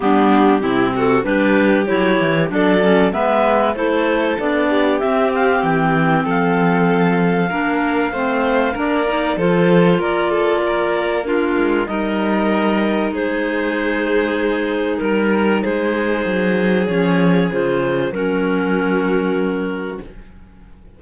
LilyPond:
<<
  \new Staff \with { instrumentName = "clarinet" } { \time 4/4 \tempo 4 = 96 g'4. a'8 b'4 cis''4 | d''4 e''4 c''4 d''4 | e''8 f''8 g''4 f''2~ | f''2 d''4 c''4 |
d''2 ais'4 dis''4~ | dis''4 c''2. | ais'4 c''2 cis''4 | c''4 ais'2. | }
  \new Staff \with { instrumentName = "violin" } { \time 4/4 d'4 e'8 fis'8 g'2 | a'4 b'4 a'4. g'8~ | g'2 a'2 | ais'4 c''4 ais'4 a'4 |
ais'8 a'8 ais'4 f'4 ais'4~ | ais'4 gis'2. | ais'4 gis'2.~ | gis'4 fis'2. | }
  \new Staff \with { instrumentName = "clarinet" } { \time 4/4 b4 c'4 d'4 e'4 | d'8 cis'8 b4 e'4 d'4 | c'1 | d'4 c'4 d'8 dis'8 f'4~ |
f'2 d'4 dis'4~ | dis'1~ | dis'2. cis'4 | f'4 cis'2. | }
  \new Staff \with { instrumentName = "cello" } { \time 4/4 g4 c4 g4 fis8 e8 | fis4 gis4 a4 b4 | c'4 e4 f2 | ais4 a4 ais4 f4 |
ais2~ ais8 gis8 g4~ | g4 gis2. | g4 gis4 fis4 f4 | cis4 fis2. | }
>>